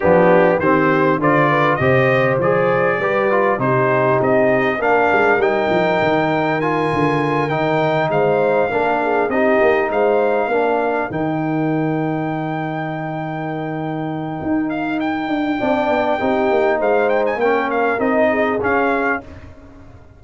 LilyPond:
<<
  \new Staff \with { instrumentName = "trumpet" } { \time 4/4 \tempo 4 = 100 g'4 c''4 d''4 dis''4 | d''2 c''4 dis''4 | f''4 g''2 gis''4~ | gis''8 g''4 f''2 dis''8~ |
dis''8 f''2 g''4.~ | g''1~ | g''8 f''8 g''2. | f''8 g''16 gis''16 g''8 f''8 dis''4 f''4 | }
  \new Staff \with { instrumentName = "horn" } { \time 4/4 d'4 g'4 c''8 b'8 c''4~ | c''4 b'4 g'2 | ais'1~ | ais'4. c''4 ais'8 gis'8 g'8~ |
g'8 c''4 ais'2~ ais'8~ | ais'1~ | ais'2 d''4 g'4 | c''4 ais'4. gis'4. | }
  \new Staff \with { instrumentName = "trombone" } { \time 4/4 b4 c'4 f'4 g'4 | gis'4 g'8 f'8 dis'2 | d'4 dis'2 f'4~ | f'8 dis'2 d'4 dis'8~ |
dis'4. d'4 dis'4.~ | dis'1~ | dis'2 d'4 dis'4~ | dis'4 cis'4 dis'4 cis'4 | }
  \new Staff \with { instrumentName = "tuba" } { \time 4/4 f4 dis4 d4 c4 | f4 g4 c4 c'4 | ais8 gis8 g8 f8 dis4. d8~ | d8 dis4 gis4 ais4 c'8 |
ais8 gis4 ais4 dis4.~ | dis1 | dis'4. d'8 c'8 b8 c'8 ais8 | gis4 ais4 c'4 cis'4 | }
>>